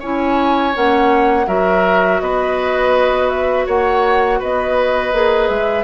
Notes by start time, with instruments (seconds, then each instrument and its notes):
0.00 bassoon C#4, clarinet E4, oboe C#5, flute G#5
0.73 bassoon A#3, clarinet C#4, flute F#5
1.46 bassoon F#3, clarinet F#4, oboe A#4, flute E5
2.20 bassoon B3, oboe B4, flute D#5
3.29 flute E5
3.66 bassoon A#3, oboe C#5, flute F#5
4.39 bassoon B3, oboe B4, flute D#5
5.13 bassoon A#3, clarinet G#4
5.49 bassoon G#3, flute E5